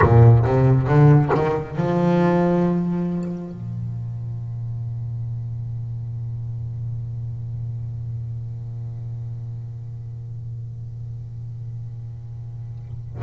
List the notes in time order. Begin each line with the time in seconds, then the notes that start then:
0.01 A#2
0.44 C3
0.87 D3
1.34 D#3
1.76 F3
3.51 A#2